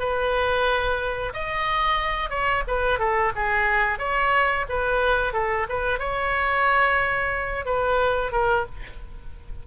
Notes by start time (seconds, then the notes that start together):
0.00 B4
1.34 D#5
2.30 C#5
2.68 B4
2.99 A4
3.36 G#4
3.99 C#5
4.69 B4
5.34 A4
5.69 B4
5.99 C#5
7.66 B4
8.32 A#4